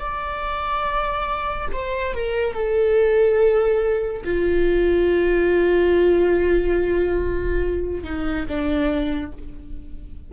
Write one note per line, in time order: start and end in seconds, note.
0.00 1.69 D5
1.73 2.14 C5
2.14 2.54 A#4
2.54 4.23 A4
4.25 8.04 F4
8.04 8.47 D#4
8.49 9.33 D4